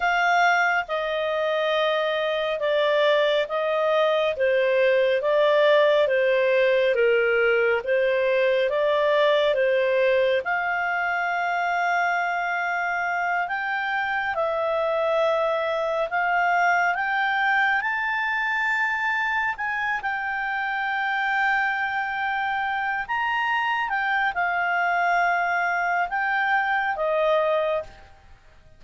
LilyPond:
\new Staff \with { instrumentName = "clarinet" } { \time 4/4 \tempo 4 = 69 f''4 dis''2 d''4 | dis''4 c''4 d''4 c''4 | ais'4 c''4 d''4 c''4 | f''2.~ f''8 g''8~ |
g''8 e''2 f''4 g''8~ | g''8 a''2 gis''8 g''4~ | g''2~ g''8 ais''4 g''8 | f''2 g''4 dis''4 | }